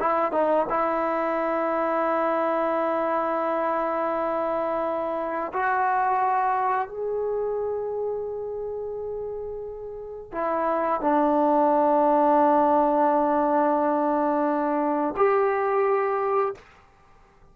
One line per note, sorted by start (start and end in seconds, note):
0.00 0.32 E4
0.32 0.66 D#4
0.70 5.52 E4
5.53 6.88 F#4
6.88 10.32 G#4
10.32 11.01 E4
11.01 15.15 D4
15.17 16.55 G4